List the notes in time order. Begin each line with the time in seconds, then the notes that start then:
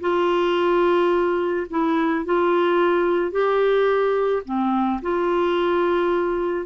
0.00 F4
1.70 E4
2.25 F4
3.31 G4
4.45 C4
5.02 F4